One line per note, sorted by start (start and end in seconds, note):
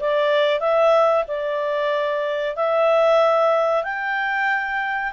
0.00 0.60 D5
0.60 1.24 E5
1.28 2.56 D5
2.56 3.84 E5
3.84 5.13 G5